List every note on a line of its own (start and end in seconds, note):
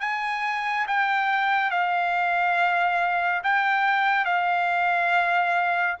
0.00 0.86 G#5
0.87 1.70 G5
1.70 3.42 F5
3.43 4.25 G5
4.25 5.96 F5